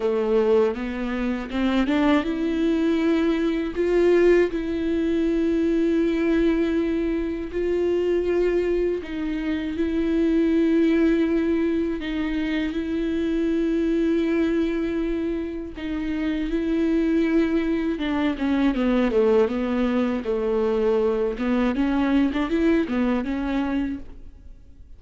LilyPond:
\new Staff \with { instrumentName = "viola" } { \time 4/4 \tempo 4 = 80 a4 b4 c'8 d'8 e'4~ | e'4 f'4 e'2~ | e'2 f'2 | dis'4 e'2. |
dis'4 e'2.~ | e'4 dis'4 e'2 | d'8 cis'8 b8 a8 b4 a4~ | a8 b8 cis'8. d'16 e'8 b8 cis'4 | }